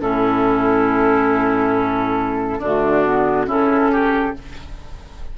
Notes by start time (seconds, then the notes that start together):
0.00 A2 C#4 E4 A4
2.59 D3 D4 F#4
2.65 A3
3.05 B3
3.46 C#3 C#4 E4 A4
3.91 G4